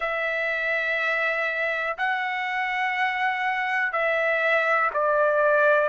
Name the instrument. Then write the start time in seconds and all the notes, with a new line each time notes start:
trumpet
0.00 E5
1.97 F#5
3.92 E5
4.93 D5